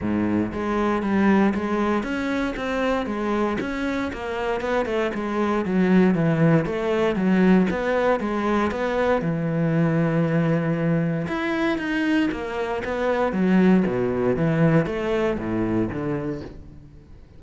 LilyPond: \new Staff \with { instrumentName = "cello" } { \time 4/4 \tempo 4 = 117 gis,4 gis4 g4 gis4 | cis'4 c'4 gis4 cis'4 | ais4 b8 a8 gis4 fis4 | e4 a4 fis4 b4 |
gis4 b4 e2~ | e2 e'4 dis'4 | ais4 b4 fis4 b,4 | e4 a4 a,4 d4 | }